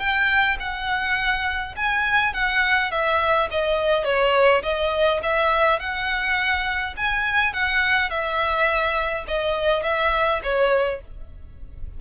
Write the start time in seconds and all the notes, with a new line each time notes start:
0.00 G5
0.60 F#5
1.77 G#5
2.34 F#5
2.92 E5
3.51 D#5
4.05 C#5
4.63 D#5
5.23 E5
5.80 F#5
6.97 G#5
7.53 F#5
8.10 E5
9.28 D#5
9.84 E5
10.43 C#5